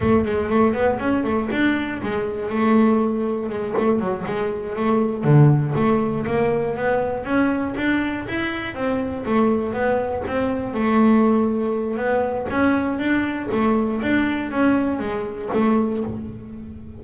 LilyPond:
\new Staff \with { instrumentName = "double bass" } { \time 4/4 \tempo 4 = 120 a8 gis8 a8 b8 cis'8 a8 d'4 | gis4 a2 gis8 a8 | fis8 gis4 a4 d4 a8~ | a8 ais4 b4 cis'4 d'8~ |
d'8 e'4 c'4 a4 b8~ | b8 c'4 a2~ a8 | b4 cis'4 d'4 a4 | d'4 cis'4 gis4 a4 | }